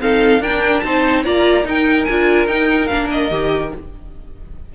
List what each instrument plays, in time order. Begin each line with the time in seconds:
0.00 viola C4, cello D#4, violin A4 F5
0.40 cello D4, viola D4, violin A#4 G5
0.81 cello C4, viola D#4, violin C5 A5
1.24 cello A#3, viola F4, violin D5 A#5
1.64 viola D#4, cello D#4, violin A#4 G5
2.05 cello D4, viola F4, violin G#5
2.47 cello D#4, viola D#4, violin G5
2.87 cello A#3, viola D4, violin F5
3.11 violin D#5
3.31 cello D#3, viola G4